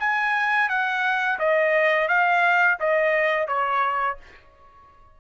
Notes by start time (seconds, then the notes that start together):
0.00 G#5
0.69 F#5
1.39 D#5
2.08 F5
2.80 D#5
3.48 C#5